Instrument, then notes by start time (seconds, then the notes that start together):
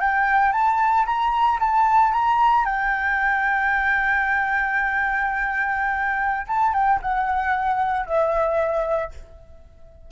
flute
0.00 G5
0.52 A5
1.06 A#5
1.60 A5
2.12 A#5
2.65 G5
6.47 A5
6.73 G5
7.02 F#5
8.06 E5